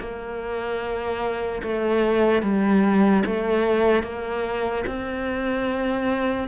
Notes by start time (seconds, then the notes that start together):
0.00 A#3
1.63 A3
2.43 G3
3.26 A3
4.04 A#3
4.87 C4